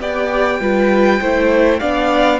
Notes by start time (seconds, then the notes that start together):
0.00 B3 G4 D5 G5
0.60 G3 F4 B4
1.20 A3 E4 C5
1.79 B3 D4 D5 F5